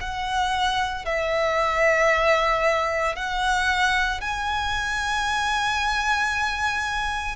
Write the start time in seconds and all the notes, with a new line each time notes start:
0.00 F#5
1.05 E5
3.15 F#5
4.21 G#5